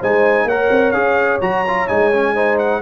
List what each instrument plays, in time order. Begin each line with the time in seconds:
0.00 tuba G#3, trombone D#4, horn C5, trumpet G#5
0.45 tuba A#3, trombone A#4, horn C#5, trumpet F#5
0.71 tuba C4
0.92 tuba C#4, trombone G#4, trumpet F5
1.42 tuba F#3, trombone F#4, trumpet A#5
1.68 trombone F4
1.88 tuba G#3, trombone D#4, trumpet G#5
2.13 trombone C#4
2.34 trombone D#4, horn C5
2.59 trumpet F#5